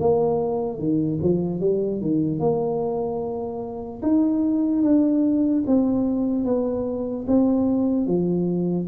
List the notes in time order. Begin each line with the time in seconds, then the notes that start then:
0.00 A#3
0.79 D#3
1.22 F3
1.60 G3
2.01 D#3
2.40 A#3
4.02 D#4
4.83 D4
5.67 C4
6.45 B3
7.28 C4
8.06 F3